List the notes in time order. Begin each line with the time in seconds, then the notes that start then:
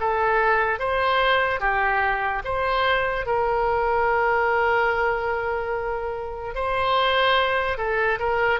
0.00 A4
0.80 C5
1.60 G4
2.45 C5
3.26 A#4
6.55 C5
7.78 A4
8.19 A#4